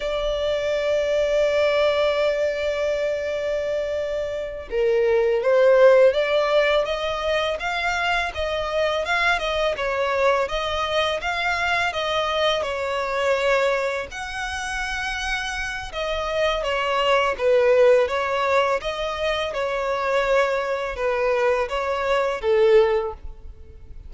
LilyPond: \new Staff \with { instrumentName = "violin" } { \time 4/4 \tempo 4 = 83 d''1~ | d''2~ d''8 ais'4 c''8~ | c''8 d''4 dis''4 f''4 dis''8~ | dis''8 f''8 dis''8 cis''4 dis''4 f''8~ |
f''8 dis''4 cis''2 fis''8~ | fis''2 dis''4 cis''4 | b'4 cis''4 dis''4 cis''4~ | cis''4 b'4 cis''4 a'4 | }